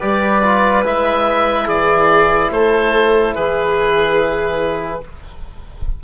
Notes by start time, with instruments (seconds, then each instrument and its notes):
0.00 bassoon G3, trombone G4, violin B4, oboe D5
0.43 trombone F4
0.84 bassoon G#3, trombone E4, oboe E5
1.66 bassoon E3, violin G#4, oboe D5
2.50 bassoon A3, violin A4, oboe C5
3.34 bassoon E3, violin G#4, oboe B4